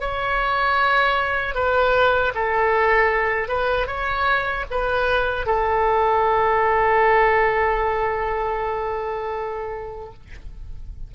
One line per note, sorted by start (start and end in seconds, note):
0.00 1.54 C#5
1.54 2.32 B4
2.34 3.48 A4
3.48 3.87 B4
3.87 4.65 C#5
4.70 5.46 B4
5.46 10.13 A4